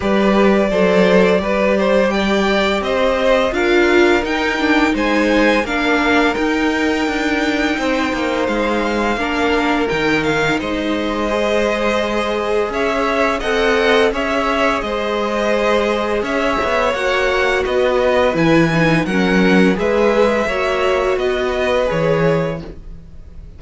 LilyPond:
<<
  \new Staff \with { instrumentName = "violin" } { \time 4/4 \tempo 4 = 85 d''2. g''4 | dis''4 f''4 g''4 gis''4 | f''4 g''2. | f''2 g''8 f''8 dis''4~ |
dis''2 e''4 fis''4 | e''4 dis''2 e''4 | fis''4 dis''4 gis''4 fis''4 | e''2 dis''4 cis''4 | }
  \new Staff \with { instrumentName = "violin" } { \time 4/4 b'4 c''4 b'8 c''8 d''4 | c''4 ais'2 c''4 | ais'2. c''4~ | c''4 ais'2 c''4~ |
c''2 cis''4 dis''4 | cis''4 c''2 cis''4~ | cis''4 b'2 ais'4 | b'4 cis''4 b'2 | }
  \new Staff \with { instrumentName = "viola" } { \time 4/4 g'4 a'4 g'2~ | g'4 f'4 dis'8 d'8 dis'4 | d'4 dis'2.~ | dis'4 d'4 dis'2 |
gis'2. a'4 | gis'1 | fis'2 e'8 dis'8 cis'4 | gis'4 fis'2 gis'4 | }
  \new Staff \with { instrumentName = "cello" } { \time 4/4 g4 fis4 g2 | c'4 d'4 dis'4 gis4 | ais4 dis'4 d'4 c'8 ais8 | gis4 ais4 dis4 gis4~ |
gis2 cis'4 c'4 | cis'4 gis2 cis'8 b8 | ais4 b4 e4 fis4 | gis4 ais4 b4 e4 | }
>>